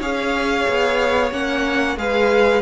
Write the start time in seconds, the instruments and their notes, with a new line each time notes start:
0.00 cello C#4, viola G#4, violin C#5 F5
0.69 cello B3
1.31 cello A#3, viola C#4, violin F#5
1.97 cello G#3, viola G#4, violin B4 F5